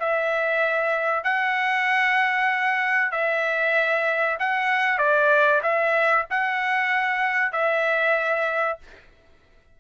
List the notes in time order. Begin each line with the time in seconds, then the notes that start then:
0.00 E5
1.24 F#5
3.12 E5
4.40 F#5
4.99 D5
5.63 E5
6.31 F#5
7.52 E5